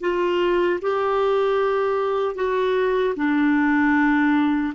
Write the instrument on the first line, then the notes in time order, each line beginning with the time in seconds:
clarinet
0.00 F4
0.81 G4
2.35 F#4
3.15 D4